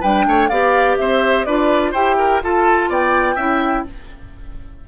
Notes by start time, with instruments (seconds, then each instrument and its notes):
0.00 bassoon G3, clarinet D4, oboe B4, flute G5
0.26 bassoon A3, oboe C#5
0.48 bassoon B3, clarinet G4, oboe D5, flute F5
0.96 bassoon C4, oboe C5, flute E5
1.44 bassoon D4, clarinet F4, oboe B4, flute D5
1.91 bassoon E4, clarinet G4, oboe C5, flute G5
2.18 oboe A#4
2.41 bassoon F4, clarinet F4, oboe A4, flute A5
2.88 bassoon B3, oboe D5, flute G5
3.35 bassoon C#4, clarinet E4, oboe E5